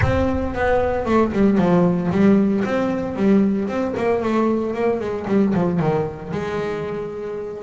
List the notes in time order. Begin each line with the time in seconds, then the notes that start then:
0.01 C4
0.54 B3
1.05 A3
1.32 G3
1.58 F3
2.11 G3
2.65 C4
3.16 G3
3.67 C4
3.96 A#3
4.22 A3
4.74 A#3
5.00 G#3
5.27 G3
5.54 F3
5.79 D#3
6.32 G#3